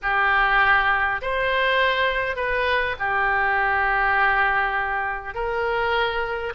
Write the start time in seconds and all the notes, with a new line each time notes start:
0.02 G4
1.21 C5
2.36 B4
2.99 G4
5.34 A#4